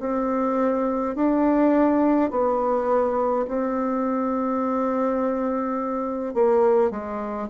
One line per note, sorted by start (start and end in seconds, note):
0.00 1.15 C4
1.16 2.31 D4
2.31 3.46 B3
3.48 6.35 C4
6.35 6.91 A#3
6.91 7.48 G#3